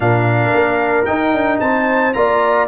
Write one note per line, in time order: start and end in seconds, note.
0.00 0.50 A#2
0.00 1.06 D4
0.00 1.62 A#4
0.00 1.05 F5
0.54 1.07 A#3
1.05 2.13 D#4
1.05 1.33 D#4
1.05 1.58 G5
1.33 1.59 D4
1.59 2.14 C4
1.59 2.15 C5
1.59 2.13 A5
2.13 2.67 A#3
2.13 2.67 F4
2.13 2.67 D5
2.13 2.67 A#5